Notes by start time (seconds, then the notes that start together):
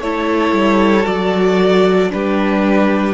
0.00 A3 E4 A4 C#5
0.52 G3
1.03 F#3 F#4 D5
2.09 G3 D4 G4 B4